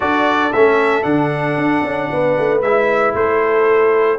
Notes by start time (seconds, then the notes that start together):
0.00 D4 F#4 A4 D5
0.53 A3 C#4 E5
1.02 D3 D4 F#5
1.57 D4
1.84 C#4
2.11 B3 B4
2.38 A3
2.61 G#3 E4 E5
3.14 A3 A4 C5